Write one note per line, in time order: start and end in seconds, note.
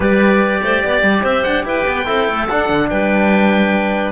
0.00 0.61 G3
0.00 2.05 G4
0.00 0.61 B4
0.00 1.24 D5
0.62 0.83 A3
0.62 0.83 C5
0.83 1.02 B3
0.83 1.22 D5
1.02 1.23 G3
1.22 1.44 C4
1.22 1.64 C5
1.22 1.43 E5
1.43 1.64 D4
1.43 1.64 F#5
1.64 1.85 E4
1.64 2.06 B4
1.64 2.47 G5
1.87 2.07 B3
2.05 2.28 C4
2.05 2.46 E4
2.05 2.89 A4
2.28 2.48 A3
2.47 2.69 D4
2.47 4.11 D4
2.47 2.89 F#5
2.69 2.90 D3
2.89 4.11 G3
2.89 4.11 B4
2.89 4.11 G5